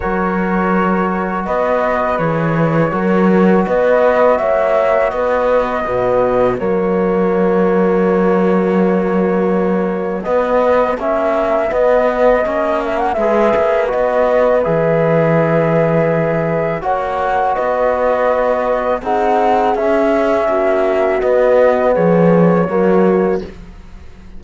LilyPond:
<<
  \new Staff \with { instrumentName = "flute" } { \time 4/4 \tempo 4 = 82 cis''2 dis''4 cis''4~ | cis''4 dis''4 e''4 dis''4~ | dis''4 cis''2.~ | cis''2 dis''4 e''4 |
dis''4. e''16 fis''16 e''4 dis''4 | e''2. fis''4 | dis''2 fis''4 e''4~ | e''4 dis''4 cis''2 | }
  \new Staff \with { instrumentName = "horn" } { \time 4/4 ais'2 b'2 | ais'4 b'4 cis''4 b'4 | fis'1~ | fis'1~ |
fis'2 b'2~ | b'2. cis''4 | b'2 gis'2 | fis'2 gis'4 fis'4 | }
  \new Staff \with { instrumentName = "trombone" } { \time 4/4 fis'2. gis'4 | fis'1 | b4 ais2.~ | ais2 b4 cis'4 |
b4 cis'4 gis'4 fis'4 | gis'2. fis'4~ | fis'2 dis'4 cis'4~ | cis'4 b2 ais4 | }
  \new Staff \with { instrumentName = "cello" } { \time 4/4 fis2 b4 e4 | fis4 b4 ais4 b4 | b,4 fis2.~ | fis2 b4 ais4 |
b4 ais4 gis8 ais8 b4 | e2. ais4 | b2 c'4 cis'4 | ais4 b4 f4 fis4 | }
>>